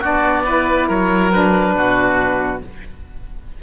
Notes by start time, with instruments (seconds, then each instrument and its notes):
0.00 cello B3, saxophone D4, oboe F#4 D5
0.44 saxophone E4, oboe B4
0.88 cello F#3, oboe A#4 C#5
1.31 saxophone D4, oboe B4
1.74 cello B2, oboe F#4